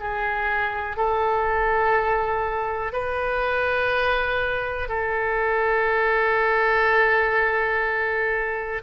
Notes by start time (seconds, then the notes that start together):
0.00 G#4
0.97 A4
2.93 B4
4.89 A4